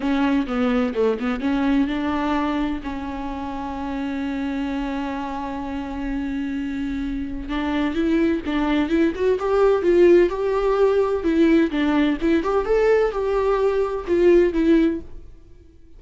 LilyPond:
\new Staff \with { instrumentName = "viola" } { \time 4/4 \tempo 4 = 128 cis'4 b4 a8 b8 cis'4 | d'2 cis'2~ | cis'1~ | cis'1 |
d'4 e'4 d'4 e'8 fis'8 | g'4 f'4 g'2 | e'4 d'4 e'8 g'8 a'4 | g'2 f'4 e'4 | }